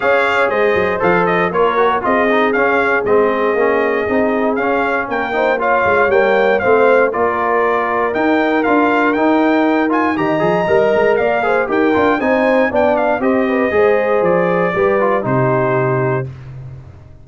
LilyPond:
<<
  \new Staff \with { instrumentName = "trumpet" } { \time 4/4 \tempo 4 = 118 f''4 dis''4 f''8 dis''8 cis''4 | dis''4 f''4 dis''2~ | dis''4 f''4 g''4 f''4 | g''4 f''4 d''2 |
g''4 f''4 g''4. gis''8 | ais''2 f''4 g''4 | gis''4 g''8 f''8 dis''2 | d''2 c''2 | }
  \new Staff \with { instrumentName = "horn" } { \time 4/4 cis''4 c''2 ais'4 | gis'1~ | gis'2 ais'8 c''8 cis''4~ | cis''4 c''4 ais'2~ |
ais'1 | dis''2 d''8 c''8 ais'4 | c''4 d''4 c''8 b'8 c''4~ | c''4 b'4 g'2 | }
  \new Staff \with { instrumentName = "trombone" } { \time 4/4 gis'2 a'4 f'8 fis'8 | f'8 dis'8 cis'4 c'4 cis'4 | dis'4 cis'4. dis'8 f'4 | ais4 c'4 f'2 |
dis'4 f'4 dis'4. f'8 | g'8 gis'8 ais'4. gis'8 g'8 f'8 | dis'4 d'4 g'4 gis'4~ | gis'4 g'8 f'8 dis'2 | }
  \new Staff \with { instrumentName = "tuba" } { \time 4/4 cis'4 gis8 fis8 f4 ais4 | c'4 cis'4 gis4 ais4 | c'4 cis'4 ais4. gis8 | g4 a4 ais2 |
dis'4 d'4 dis'2 | dis8 f8 g8 gis8 ais4 dis'8 d'8 | c'4 b4 c'4 gis4 | f4 g4 c2 | }
>>